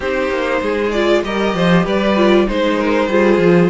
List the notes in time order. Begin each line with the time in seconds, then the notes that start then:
0.00 C4 D#4 G4 C5
0.30 A#3
0.61 G#3 G#4
0.91 F4 D5
1.23 G3 G4 A#4 D#5
1.54 F3 C5
1.84 G3 B4 D5
2.16 F4
2.46 G#3 D#4 C5
2.78 A#4
3.08 G3 F4 G#4
3.37 F3